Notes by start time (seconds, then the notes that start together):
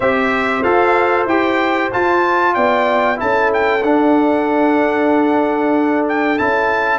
0.00 C4 G4 C5 E5
0.63 F4 A4 F5
1.25 E4 G4 G5
1.92 F4 A5
2.54 B3 D5 G5
3.16 C#4 E4 A4 A5
3.53 G5
3.83 D4 F#5
6.08 G5
6.37 C#4 E4 A5